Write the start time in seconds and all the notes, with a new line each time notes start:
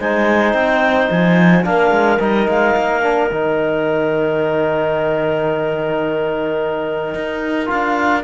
0.00 G#3 D#4 C5 G#5
0.54 C4 G5
1.11 F3 G#5
1.63 A#3 D4 A#4 F5
1.91 G#3
2.20 G3 D#4 D#5
2.48 G#3 F5
2.76 A#3
3.02 D4
3.30 D#3 D#4 G5
7.14 D#4
7.66 D4 F4 F5